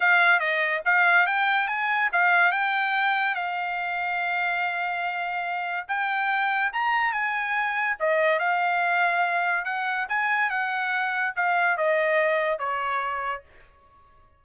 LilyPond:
\new Staff \with { instrumentName = "trumpet" } { \time 4/4 \tempo 4 = 143 f''4 dis''4 f''4 g''4 | gis''4 f''4 g''2 | f''1~ | f''2 g''2 |
ais''4 gis''2 dis''4 | f''2. fis''4 | gis''4 fis''2 f''4 | dis''2 cis''2 | }